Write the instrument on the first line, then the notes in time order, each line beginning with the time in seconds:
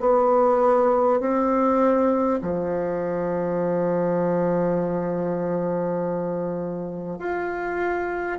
bassoon
0.00 B3
1.20 C4
2.41 F3
7.18 F4